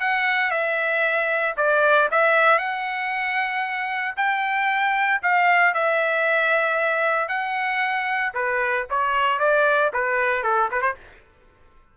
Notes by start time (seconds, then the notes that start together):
0.00 F#5
0.50 E5
1.56 D5
2.11 E5
2.58 F#5
4.16 G5
5.22 F5
5.74 E5
7.28 F#5
8.34 B4
8.90 C#5
9.39 D5
9.93 B4
10.43 A4
10.71 B4
10.81 C5